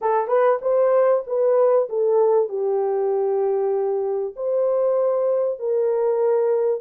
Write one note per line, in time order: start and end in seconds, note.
0.01 0.27 A4
0.27 0.58 B4
0.61 1.23 C5
1.26 1.88 B4
1.89 2.49 A4
2.49 4.34 G4
4.36 5.59 C5
5.59 6.80 A#4